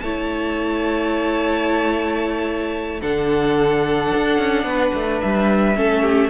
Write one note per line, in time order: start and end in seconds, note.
0.00 3.02 A3
0.00 3.02 E4
0.00 3.01 C#5
0.00 3.00 A5
3.01 4.13 D3
3.01 5.74 D4
3.01 4.65 A4
3.01 5.20 F#5
4.14 4.39 D4
4.39 4.64 C#4
4.64 4.91 B3
4.64 5.77 B4
4.94 5.22 A3
5.21 5.77 G3
5.21 6.30 E5
5.76 6.30 A3
5.76 6.30 C#4
5.76 6.02 A4
6.02 6.30 G4